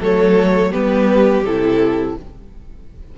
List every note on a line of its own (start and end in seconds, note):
0.00 0.72 F#3
0.00 0.72 A3
0.00 0.71 A4
0.00 0.72 C#5
0.71 1.44 G3
0.71 1.43 B3
0.71 2.14 G4
0.71 1.44 B4
1.44 2.15 C3
1.44 2.18 E4
1.44 2.16 A4